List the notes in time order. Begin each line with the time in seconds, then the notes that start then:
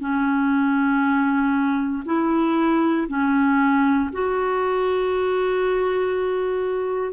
0.00 C#4
2.05 E4
3.08 C#4
4.12 F#4